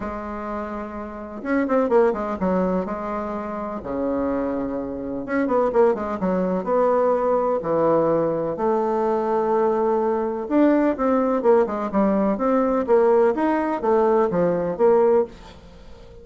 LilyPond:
\new Staff \with { instrumentName = "bassoon" } { \time 4/4 \tempo 4 = 126 gis2. cis'8 c'8 | ais8 gis8 fis4 gis2 | cis2. cis'8 b8 | ais8 gis8 fis4 b2 |
e2 a2~ | a2 d'4 c'4 | ais8 gis8 g4 c'4 ais4 | dis'4 a4 f4 ais4 | }